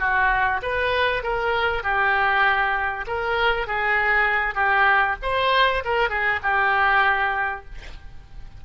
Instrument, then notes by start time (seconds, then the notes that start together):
oboe
0.00 F#4
0.62 B4
1.23 A#4
1.83 G4
3.07 A#4
3.67 G#4
4.55 G4
5.23 C5
5.85 A#4
6.10 G#4
6.43 G4